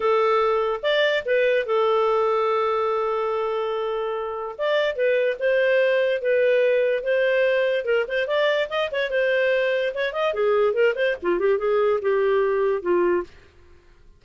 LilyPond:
\new Staff \with { instrumentName = "clarinet" } { \time 4/4 \tempo 4 = 145 a'2 d''4 b'4 | a'1~ | a'2. d''4 | b'4 c''2 b'4~ |
b'4 c''2 ais'8 c''8 | d''4 dis''8 cis''8 c''2 | cis''8 dis''8 gis'4 ais'8 c''8 f'8 g'8 | gis'4 g'2 f'4 | }